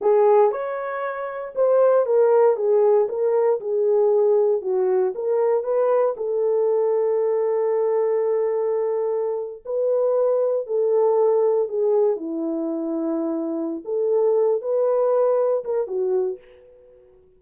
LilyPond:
\new Staff \with { instrumentName = "horn" } { \time 4/4 \tempo 4 = 117 gis'4 cis''2 c''4 | ais'4 gis'4 ais'4 gis'4~ | gis'4 fis'4 ais'4 b'4 | a'1~ |
a'2~ a'8. b'4~ b'16~ | b'8. a'2 gis'4 e'16~ | e'2. a'4~ | a'8 b'2 ais'8 fis'4 | }